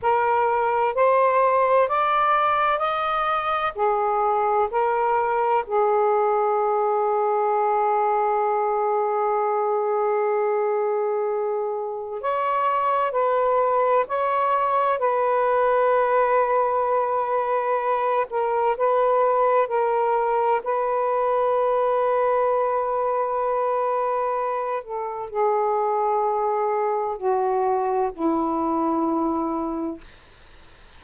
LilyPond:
\new Staff \with { instrumentName = "saxophone" } { \time 4/4 \tempo 4 = 64 ais'4 c''4 d''4 dis''4 | gis'4 ais'4 gis'2~ | gis'1~ | gis'4 cis''4 b'4 cis''4 |
b'2.~ b'8 ais'8 | b'4 ais'4 b'2~ | b'2~ b'8 a'8 gis'4~ | gis'4 fis'4 e'2 | }